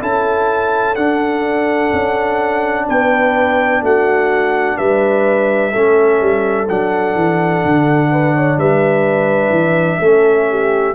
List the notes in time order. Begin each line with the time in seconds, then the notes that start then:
0.00 C#4 E4 A4 A5
0.95 D4 F#5
1.93 C#4
2.88 B3 B4 G5
3.81 A3 F#4 F#5
4.76 G3 B4 E5
5.71 A3 C#4 A4
6.20 G3
6.68 F#3 D4 F#5
7.15 E3
7.65 D3
8.11 B4
8.35 C#5
8.57 G3 B4 E5
9.49 E3
9.99 A3 C#4 A4
10.49 G4